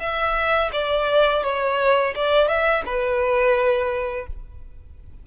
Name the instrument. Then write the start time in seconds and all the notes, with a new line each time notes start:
violin
0.00 E5
0.73 D5
1.43 C#5
2.15 D5
2.48 E5
2.86 B4